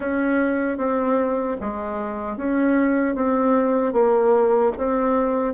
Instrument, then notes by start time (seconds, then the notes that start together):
bassoon
0.00 C#4
0.77 C4
1.60 G#3
2.36 C#4
3.15 C4
3.93 A#3
4.77 C4